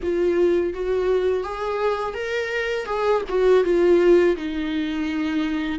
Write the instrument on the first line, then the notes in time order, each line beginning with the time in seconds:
viola
0.03 F4
0.73 F#4
1.43 G#4
2.14 A#4
2.85 G#4
3.28 F#4
3.63 F4
4.36 D#4